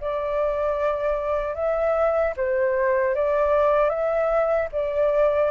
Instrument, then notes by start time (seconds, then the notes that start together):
flute
0.00 D5
1.54 E5
2.36 C5
3.15 D5
3.89 E5
4.72 D5